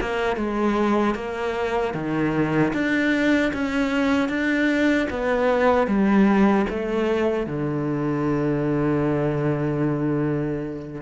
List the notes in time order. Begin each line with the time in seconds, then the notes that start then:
0.00 A#3
0.36 G#3
1.15 A#3
1.94 D#3
2.73 D4
3.53 C#4
4.28 D4
5.10 B3
5.87 G3
6.70 A3
7.46 D3